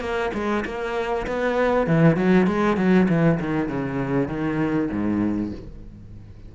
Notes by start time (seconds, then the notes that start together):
0.00 A#3
0.34 G#3
0.65 A#3
1.27 B3
1.86 E3
2.16 F#3
2.47 G#3
2.77 F#3
3.09 E3
3.40 D#3
3.68 C#3
4.28 D#3
4.91 G#2